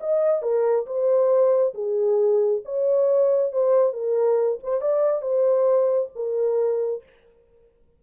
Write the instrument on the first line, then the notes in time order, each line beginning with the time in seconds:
horn
0.00 D#5
0.42 A#4
0.86 C5
1.74 G#4
2.65 C#5
3.52 C5
3.93 A#4
4.63 C5
4.81 D5
5.22 C5
6.15 A#4